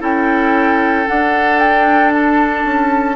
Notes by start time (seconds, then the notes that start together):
0.00 C#4 E4 A4 G5
1.07 D4 F#5
1.59 G5
2.13 A5
2.65 C#4